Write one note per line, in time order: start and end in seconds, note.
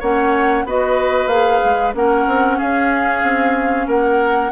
0.00 0.65 A#3
0.00 0.67 C#4
0.00 0.65 C#5
0.00 0.67 F#5
0.65 1.27 B3
0.65 1.30 F#4
0.65 1.95 B4
0.65 1.28 D#5
1.27 1.59 A#3
1.27 1.94 G#4
1.27 1.93 F5
1.65 1.94 G#3
1.94 2.27 A#3
1.94 4.52 C#4
1.94 2.58 A#4
1.94 2.60 F#5
2.27 2.59 C4
2.58 3.23 C#4
2.58 3.87 G#4
2.58 3.89 F5
3.23 3.87 C4
3.87 4.52 A#3
3.87 4.52 A#4
3.87 4.52 F#5